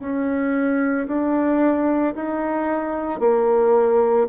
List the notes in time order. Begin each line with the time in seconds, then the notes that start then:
0.00 C#4
1.08 D4
2.15 D#4
3.20 A#3